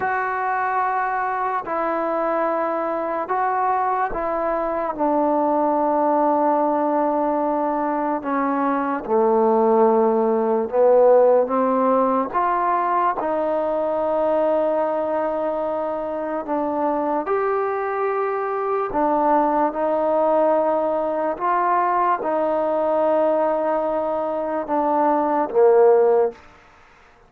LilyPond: \new Staff \with { instrumentName = "trombone" } { \time 4/4 \tempo 4 = 73 fis'2 e'2 | fis'4 e'4 d'2~ | d'2 cis'4 a4~ | a4 b4 c'4 f'4 |
dis'1 | d'4 g'2 d'4 | dis'2 f'4 dis'4~ | dis'2 d'4 ais4 | }